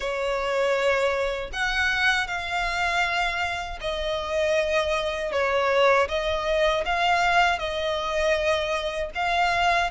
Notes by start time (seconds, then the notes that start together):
0.00 C#5
1.52 F#5
2.27 F5
3.80 D#5
5.32 C#5
6.08 D#5
6.85 F5
7.58 D#5
9.14 F5